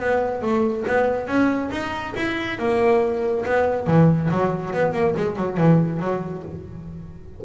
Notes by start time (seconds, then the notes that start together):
0.00 B3
0.42 A3
0.87 B3
1.27 C#4
1.71 D#4
2.16 E4
2.59 A#3
3.45 B3
3.87 E3
4.31 F#3
4.73 B3
4.93 A#3
5.16 G#3
5.36 F#3
5.57 E3
6.00 F#3